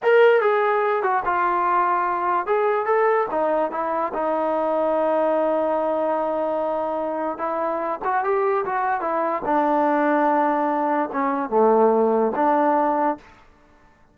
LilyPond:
\new Staff \with { instrumentName = "trombone" } { \time 4/4 \tempo 4 = 146 ais'4 gis'4. fis'8 f'4~ | f'2 gis'4 a'4 | dis'4 e'4 dis'2~ | dis'1~ |
dis'2 e'4. fis'8 | g'4 fis'4 e'4 d'4~ | d'2. cis'4 | a2 d'2 | }